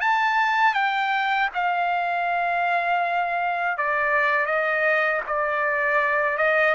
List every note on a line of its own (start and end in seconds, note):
0.00 0.74 A5
0.74 1.49 G5
1.54 3.77 F5
3.77 4.46 D5
4.46 5.21 D#5
5.26 6.37 D5
6.37 6.74 D#5